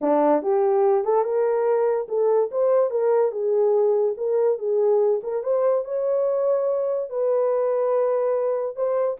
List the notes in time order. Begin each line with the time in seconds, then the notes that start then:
0.01 D4
0.42 G4
1.04 A4
1.23 A#4
2.08 A4
2.51 C5
2.90 A#4
3.31 G#4
4.17 A#4
4.58 G#4
5.23 A#4
5.43 C5
5.84 C#5
7.09 B4
8.75 C5